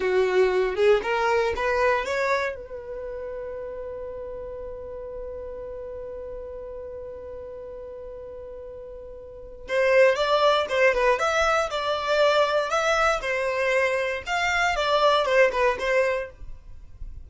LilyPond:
\new Staff \with { instrumentName = "violin" } { \time 4/4 \tempo 4 = 118 fis'4. gis'8 ais'4 b'4 | cis''4 b'2.~ | b'1~ | b'1~ |
b'2. c''4 | d''4 c''8 b'8 e''4 d''4~ | d''4 e''4 c''2 | f''4 d''4 c''8 b'8 c''4 | }